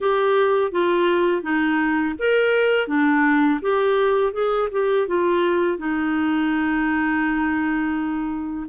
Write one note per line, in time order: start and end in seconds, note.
0.00 0.71 G4
0.71 1.42 F4
1.42 2.15 D#4
2.19 2.87 A#4
2.87 3.59 D4
3.61 4.32 G4
4.32 4.69 G#4
4.72 5.07 G4
5.07 5.77 F4
5.77 8.66 D#4